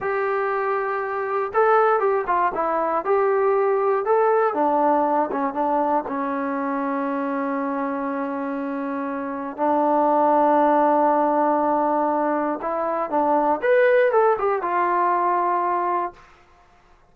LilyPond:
\new Staff \with { instrumentName = "trombone" } { \time 4/4 \tempo 4 = 119 g'2. a'4 | g'8 f'8 e'4 g'2 | a'4 d'4. cis'8 d'4 | cis'1~ |
cis'2. d'4~ | d'1~ | d'4 e'4 d'4 b'4 | a'8 g'8 f'2. | }